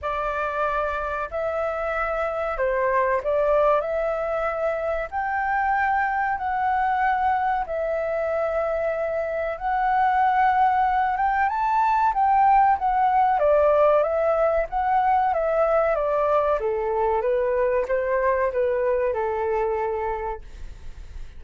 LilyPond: \new Staff \with { instrumentName = "flute" } { \time 4/4 \tempo 4 = 94 d''2 e''2 | c''4 d''4 e''2 | g''2 fis''2 | e''2. fis''4~ |
fis''4. g''8 a''4 g''4 | fis''4 d''4 e''4 fis''4 | e''4 d''4 a'4 b'4 | c''4 b'4 a'2 | }